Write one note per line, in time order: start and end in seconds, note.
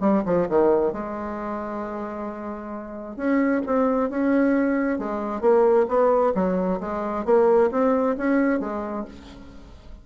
0.00 0.23 G3
0.25 0.48 F3
0.49 0.92 D#3
0.92 3.16 G#3
3.16 3.62 C#4
3.66 4.10 C4
4.10 4.98 C#4
4.98 5.41 G#3
5.41 5.86 A#3
5.88 6.33 B3
6.34 6.80 F#3
6.80 7.25 G#3
7.25 7.70 A#3
7.71 8.16 C4
8.17 8.60 C#4
8.60 9.05 G#3